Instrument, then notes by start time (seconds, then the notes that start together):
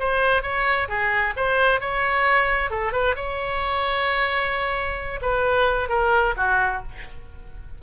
oboe
0.00 C5
0.43 C#5
0.89 G#4
1.37 C5
1.81 C#5
2.71 A4
2.93 B4
3.16 C#5
5.22 B4
5.89 A#4
6.37 F#4